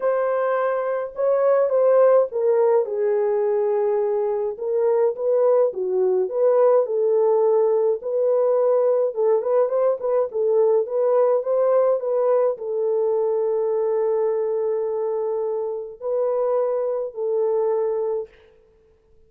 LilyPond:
\new Staff \with { instrumentName = "horn" } { \time 4/4 \tempo 4 = 105 c''2 cis''4 c''4 | ais'4 gis'2. | ais'4 b'4 fis'4 b'4 | a'2 b'2 |
a'8 b'8 c''8 b'8 a'4 b'4 | c''4 b'4 a'2~ | a'1 | b'2 a'2 | }